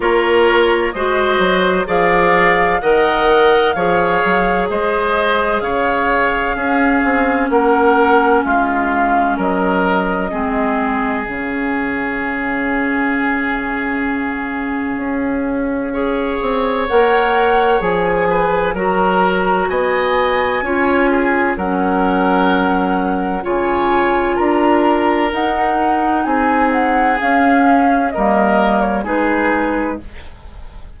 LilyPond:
<<
  \new Staff \with { instrumentName = "flute" } { \time 4/4 \tempo 4 = 64 cis''4 dis''4 f''4 fis''4 | f''4 dis''4 f''2 | fis''4 f''4 dis''2 | f''1~ |
f''2 fis''4 gis''4 | ais''4 gis''2 fis''4~ | fis''4 gis''4 ais''4 fis''4 | gis''8 fis''8 f''4 dis''8. cis''16 b'4 | }
  \new Staff \with { instrumentName = "oboe" } { \time 4/4 ais'4 c''4 d''4 dis''4 | cis''4 c''4 cis''4 gis'4 | ais'4 f'4 ais'4 gis'4~ | gis'1~ |
gis'4 cis''2~ cis''8 b'8 | ais'4 dis''4 cis''8 gis'8 ais'4~ | ais'4 cis''4 ais'2 | gis'2 ais'4 gis'4 | }
  \new Staff \with { instrumentName = "clarinet" } { \time 4/4 f'4 fis'4 gis'4 ais'4 | gis'2. cis'4~ | cis'2. c'4 | cis'1~ |
cis'4 gis'4 ais'4 gis'4 | fis'2 f'4 cis'4~ | cis'4 f'2 dis'4~ | dis'4 cis'4 ais4 dis'4 | }
  \new Staff \with { instrumentName = "bassoon" } { \time 4/4 ais4 gis8 fis8 f4 dis4 | f8 fis8 gis4 cis4 cis'8 c'8 | ais4 gis4 fis4 gis4 | cis1 |
cis'4. c'8 ais4 f4 | fis4 b4 cis'4 fis4~ | fis4 cis4 d'4 dis'4 | c'4 cis'4 g4 gis4 | }
>>